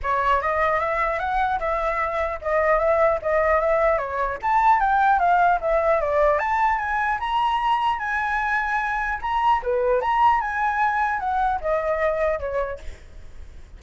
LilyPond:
\new Staff \with { instrumentName = "flute" } { \time 4/4 \tempo 4 = 150 cis''4 dis''4 e''4 fis''4 | e''2 dis''4 e''4 | dis''4 e''4 cis''4 a''4 | g''4 f''4 e''4 d''4 |
a''4 gis''4 ais''2 | gis''2. ais''4 | b'4 ais''4 gis''2 | fis''4 dis''2 cis''4 | }